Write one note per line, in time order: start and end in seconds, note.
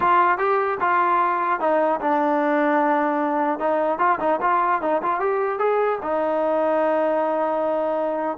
0.00 0.38 F4
0.38 0.78 G4
0.80 1.59 F4
1.59 1.99 D#4
2.00 3.59 D4
3.59 3.98 D#4
3.98 4.18 F4
4.19 4.39 D#4
4.41 4.81 F4
4.81 5.01 D#4
5.02 5.19 F4
5.19 5.58 G4
5.58 5.98 G#4
6.02 8.37 D#4